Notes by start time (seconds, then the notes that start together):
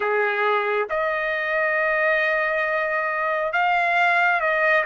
0.00 G#4
0.89 D#5
3.52 F5
4.40 D#5